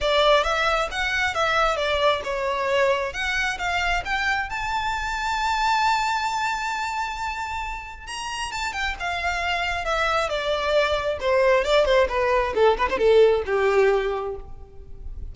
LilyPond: \new Staff \with { instrumentName = "violin" } { \time 4/4 \tempo 4 = 134 d''4 e''4 fis''4 e''4 | d''4 cis''2 fis''4 | f''4 g''4 a''2~ | a''1~ |
a''2 ais''4 a''8 g''8 | f''2 e''4 d''4~ | d''4 c''4 d''8 c''8 b'4 | a'8 b'16 c''16 a'4 g'2 | }